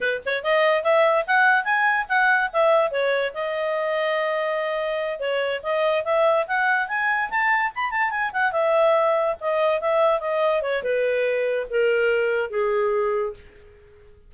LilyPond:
\new Staff \with { instrumentName = "clarinet" } { \time 4/4 \tempo 4 = 144 b'8 cis''8 dis''4 e''4 fis''4 | gis''4 fis''4 e''4 cis''4 | dis''1~ | dis''8 cis''4 dis''4 e''4 fis''8~ |
fis''8 gis''4 a''4 b''8 a''8 gis''8 | fis''8 e''2 dis''4 e''8~ | e''8 dis''4 cis''8 b'2 | ais'2 gis'2 | }